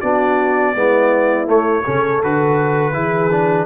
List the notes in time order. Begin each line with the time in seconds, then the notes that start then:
0.00 B3 D4 F#4 D5
0.75 G#3 B3 E4
1.46 A3 C#5
1.83 C#3 C#4 A4
2.23 D3 F#4 B4
2.92 E3 E4 G#4
3.31 D4